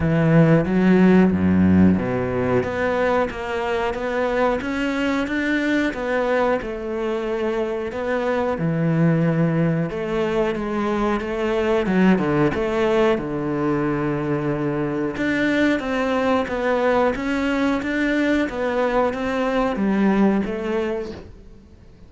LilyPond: \new Staff \with { instrumentName = "cello" } { \time 4/4 \tempo 4 = 91 e4 fis4 fis,4 b,4 | b4 ais4 b4 cis'4 | d'4 b4 a2 | b4 e2 a4 |
gis4 a4 fis8 d8 a4 | d2. d'4 | c'4 b4 cis'4 d'4 | b4 c'4 g4 a4 | }